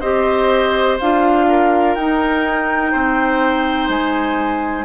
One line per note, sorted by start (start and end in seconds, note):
0.00 0.99 C4
0.00 0.99 G4
0.00 1.45 C5
0.00 0.97 D#5
1.00 1.96 D4
1.00 1.98 F4
1.00 1.95 F5
1.48 2.92 A#4
1.95 2.93 D#4
1.95 4.85 D#4
1.95 3.89 G5
2.92 3.89 C4
2.92 4.85 C5
3.89 4.85 G#3
3.89 4.85 G#5